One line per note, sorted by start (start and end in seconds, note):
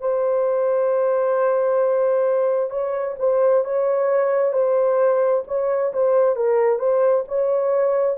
0.00 2.70 C5
2.70 3.16 C#5
3.19 3.64 C5
3.65 4.52 C#5
4.52 5.43 C5
5.48 5.93 C#5
5.93 6.36 C5
6.36 6.79 A#4
6.79 7.24 C5
7.28 8.18 C#5